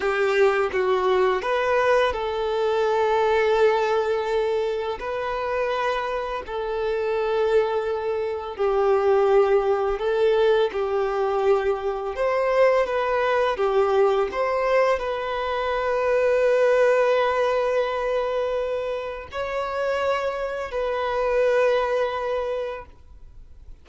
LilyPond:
\new Staff \with { instrumentName = "violin" } { \time 4/4 \tempo 4 = 84 g'4 fis'4 b'4 a'4~ | a'2. b'4~ | b'4 a'2. | g'2 a'4 g'4~ |
g'4 c''4 b'4 g'4 | c''4 b'2.~ | b'2. cis''4~ | cis''4 b'2. | }